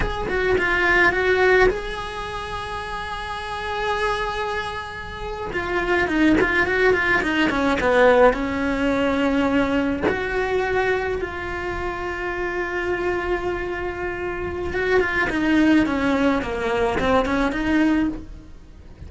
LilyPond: \new Staff \with { instrumentName = "cello" } { \time 4/4 \tempo 4 = 106 gis'8 fis'8 f'4 fis'4 gis'4~ | gis'1~ | gis'4.~ gis'16 f'4 dis'8 f'8 fis'16~ | fis'16 f'8 dis'8 cis'8 b4 cis'4~ cis'16~ |
cis'4.~ cis'16 fis'2 f'16~ | f'1~ | f'2 fis'8 f'8 dis'4 | cis'4 ais4 c'8 cis'8 dis'4 | }